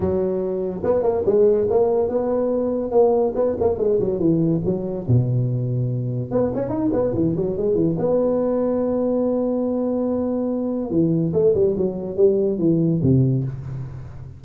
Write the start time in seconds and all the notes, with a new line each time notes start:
0.00 F#3
0.83 B3
1.03 A#3
1.25 G#3
1.69 A#3
2.09 B3
2.91 A#3
3.35 B3
3.60 A#3
3.78 G#3
3.99 F#3
4.19 E3
4.64 F#3
5.07 B2
6.31 B3
6.54 C#4
6.69 D#4
6.92 B3
7.14 E3
7.36 F#3
7.57 G#3
7.75 E3
7.98 B3
10.90 E3
11.33 A3
11.54 G3
11.77 F#3
12.16 G3
12.58 E3
13.02 C3